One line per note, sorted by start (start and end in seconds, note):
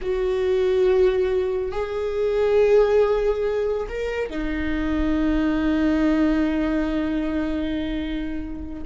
0.01 1.71 F#4
1.71 3.87 G#4
3.88 4.30 A#4
4.30 8.83 D#4